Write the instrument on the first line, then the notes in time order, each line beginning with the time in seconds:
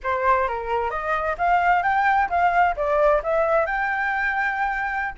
flute
0.03 C5
0.48 A#4
0.90 D#5
1.37 F5
1.82 G5
2.29 F5
2.76 D5
3.23 E5
3.65 G5